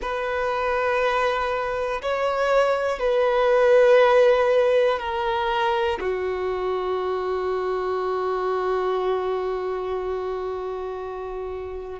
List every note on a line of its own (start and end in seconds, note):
0.01 2.01 B4
2.01 2.99 C#5
2.99 4.99 B4
4.99 5.99 A#4
6.00 12.00 F#4